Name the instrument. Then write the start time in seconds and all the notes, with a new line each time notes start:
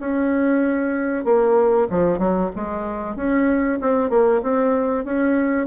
bassoon
0.00 C#4
1.25 A#3
1.91 F3
2.19 F#3
2.56 G#3
3.16 C#4
3.81 C4
4.10 A#3
4.43 C4
5.05 C#4